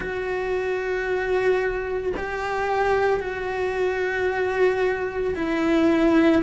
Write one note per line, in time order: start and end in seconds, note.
0.00 2.12 F#4
2.16 3.19 G4
3.19 5.34 F#4
5.35 6.42 E4